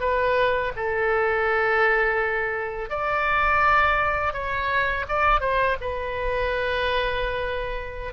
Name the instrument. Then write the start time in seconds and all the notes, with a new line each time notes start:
oboe
0.00 B4
0.76 A4
2.90 D5
4.33 C#5
5.08 D5
5.41 C5
5.81 B4